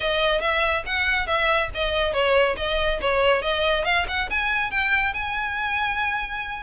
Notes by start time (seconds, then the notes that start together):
0.00 D#5
0.40 E5
0.86 F#5
1.26 E5
1.74 D#5
2.13 C#5
2.56 D#5
3.01 C#5
3.41 D#5
3.85 F5
4.08 F#5
4.30 G#5
4.70 G5
5.13 G#5